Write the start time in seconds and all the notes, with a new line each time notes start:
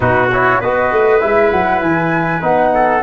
0.00 B2 D#4 F#4 B4
0.32 E4 C#5
0.60 B3 F#4 B4 D#5
0.91 A3
1.20 G#3 E4 E5
1.50 F#3 F#5
1.81 E3 G#5
2.41 B3 D#4 F#5
2.73 A4